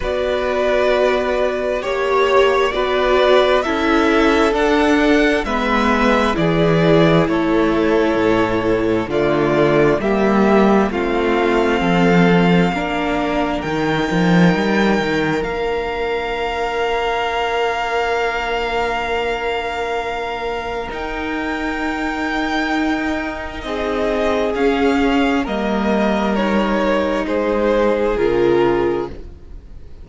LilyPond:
<<
  \new Staff \with { instrumentName = "violin" } { \time 4/4 \tempo 4 = 66 d''2 cis''4 d''4 | e''4 fis''4 e''4 d''4 | cis''2 d''4 e''4 | f''2. g''4~ |
g''4 f''2.~ | f''2. g''4~ | g''2 dis''4 f''4 | dis''4 cis''4 c''4 ais'4 | }
  \new Staff \with { instrumentName = "violin" } { \time 4/4 b'2 cis''4 b'4 | a'2 b'4 gis'4 | a'2 f'4 g'4 | f'4 a'4 ais'2~ |
ais'1~ | ais'1~ | ais'2 gis'2 | ais'2 gis'2 | }
  \new Staff \with { instrumentName = "viola" } { \time 4/4 fis'2 g'4 fis'4 | e'4 d'4 b4 e'4~ | e'2 a4 ais4 | c'2 d'4 dis'4~ |
dis'4 d'2.~ | d'2. dis'4~ | dis'2. cis'4 | ais4 dis'2 f'4 | }
  \new Staff \with { instrumentName = "cello" } { \time 4/4 b2 ais4 b4 | cis'4 d'4 gis4 e4 | a4 a,4 d4 g4 | a4 f4 ais4 dis8 f8 |
g8 dis8 ais2.~ | ais2. dis'4~ | dis'2 c'4 cis'4 | g2 gis4 cis4 | }
>>